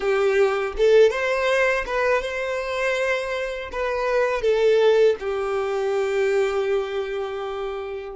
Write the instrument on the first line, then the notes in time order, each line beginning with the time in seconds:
violin
0.00 G4
0.77 A4
1.10 C5
1.86 B4
2.22 C5
3.71 B4
4.41 A4
5.19 G4